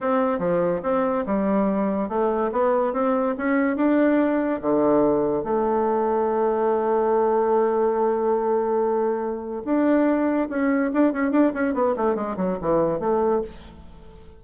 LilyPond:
\new Staff \with { instrumentName = "bassoon" } { \time 4/4 \tempo 4 = 143 c'4 f4 c'4 g4~ | g4 a4 b4 c'4 | cis'4 d'2 d4~ | d4 a2.~ |
a1~ | a2. d'4~ | d'4 cis'4 d'8 cis'8 d'8 cis'8 | b8 a8 gis8 fis8 e4 a4 | }